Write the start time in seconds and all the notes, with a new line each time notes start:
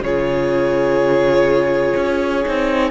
0.00 C#3 F4 G#4 C#5
1.96 C#4
2.45 C4 D#4